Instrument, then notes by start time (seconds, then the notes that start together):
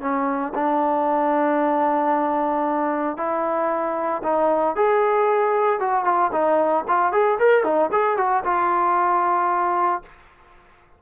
trombone
0.00 C#4
0.54 D4
3.17 E4
4.23 D#4
4.75 G#4
5.79 F#4
6.04 F4
6.32 D#4
6.87 F4
7.12 G#4
7.39 A#4
7.64 D#4
7.91 G#4
8.17 F#4
8.44 F4